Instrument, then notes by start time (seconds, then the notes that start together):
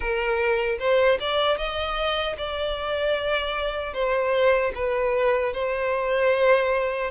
violin
0.00 A#4
0.79 C5
1.20 D5
1.57 D#5
2.37 D5
3.93 C5
4.74 B4
5.53 C5